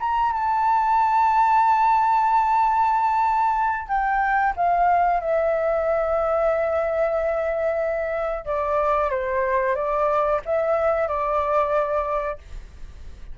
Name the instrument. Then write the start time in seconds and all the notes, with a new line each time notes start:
flute
0.00 A#5
0.33 A5
3.88 G5
4.56 F5
5.21 E5
8.45 D5
9.11 C5
9.76 D5
10.46 E5
11.08 D5